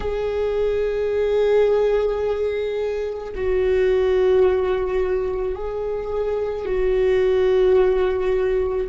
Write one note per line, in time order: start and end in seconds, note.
0.00 3.33 G#4
3.35 5.55 F#4
5.55 6.65 G#4
6.65 8.87 F#4